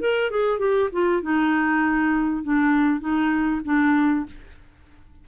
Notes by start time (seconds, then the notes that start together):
0.00 A#4
0.30 G#4
0.59 G4
0.92 F4
1.22 D#4
2.44 D4
3.00 D#4
3.65 D4